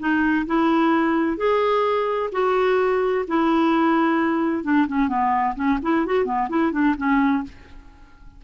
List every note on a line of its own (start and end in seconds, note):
0.00 0.47 D#4
0.47 1.37 E4
1.37 2.30 G#4
2.33 3.26 F#4
3.28 4.64 E4
4.64 4.87 D4
4.88 5.09 C#4
5.09 5.55 B3
5.56 5.79 C#4
5.83 6.06 E4
6.06 6.26 F#4
6.26 6.49 B3
6.50 6.73 E4
6.73 6.96 D4
6.98 7.44 C#4